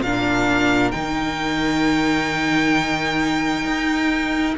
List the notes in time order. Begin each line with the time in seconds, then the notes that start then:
0.00 A#2 D4 A#4 F5
0.91 D#3 D#4 G5
3.64 D#4